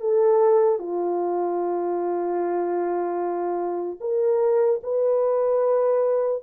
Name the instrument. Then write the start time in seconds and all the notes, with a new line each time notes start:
horn
0.00 A4
0.79 F4
4.00 A#4
4.83 B4